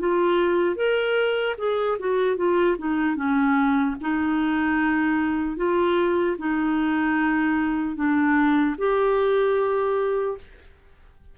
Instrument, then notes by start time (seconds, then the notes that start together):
clarinet
0.00 F4
0.76 A#4
1.58 G#4
1.99 F#4
2.37 F4
2.79 D#4
3.16 C#4
4.01 D#4
5.57 F4
6.39 D#4
7.96 D4
8.78 G4